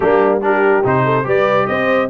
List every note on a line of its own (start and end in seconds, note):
0.00 0.83 G3
0.00 0.41 A#3
0.00 0.43 D4
0.00 0.40 G4
0.41 0.83 D4
0.41 1.04 G4
0.41 0.86 A#4
0.83 1.25 C3
0.83 1.24 D#4
0.83 1.28 C5
1.04 1.25 A4
1.24 1.67 G3
1.24 2.08 G4
1.24 1.68 B4
1.24 1.67 D5
1.67 2.10 C4
1.67 2.10 C5
1.67 2.08 D#5